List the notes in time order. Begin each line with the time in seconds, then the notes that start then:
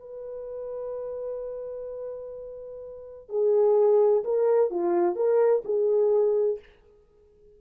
0.00 B4
3.30 G#4
4.24 A#4
4.71 F4
5.16 A#4
5.65 G#4